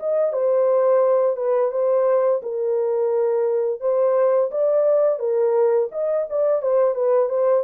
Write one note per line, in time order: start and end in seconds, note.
0.00 0.33 D#5
0.33 1.37 C5
1.37 1.72 B4
1.72 2.42 C5
2.43 3.81 A#4
3.81 4.51 C5
4.52 5.19 D5
5.19 5.89 A#4
5.92 6.27 D#5
6.30 6.63 D5
6.63 6.95 C5
6.95 7.30 B4
7.30 7.64 C5